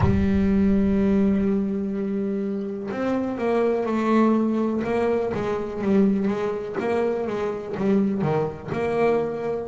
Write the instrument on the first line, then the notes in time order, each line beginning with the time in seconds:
double bass
0.00 G3
2.91 C4
3.38 A#3
3.86 A3
4.84 A#3
5.34 G#3
5.81 G3
6.27 G#3
6.79 A#3
7.27 G#3
7.76 G3
8.21 D#3
8.71 A#3